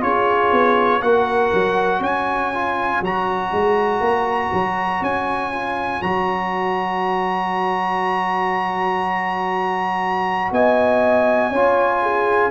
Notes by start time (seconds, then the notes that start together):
0.00 C#4 F4 G#4 C#5
0.52 B3
1.01 A#3 F#4 A#4 F#5
1.53 F#3
2.00 C#4 C#5 G#5
2.53 F4
3.01 F#3 F#4 A#5
3.52 G#3
4.00 A#3
4.53 F#3
5.01 C#4 G#5
5.52 F4
6.02 F#3 F#4 A#5
10.51 B3 D#5 G#5
11.50 C#4 F4 C#5
12.02 G#4